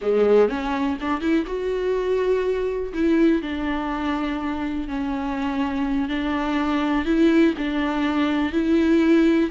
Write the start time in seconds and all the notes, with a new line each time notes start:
0.01 G#3
0.48 C#4
1.00 D4
1.21 E4
1.46 F#4
2.93 E4
3.42 D4
4.88 C#4
6.08 D4
7.05 E4
7.57 D4
8.52 E4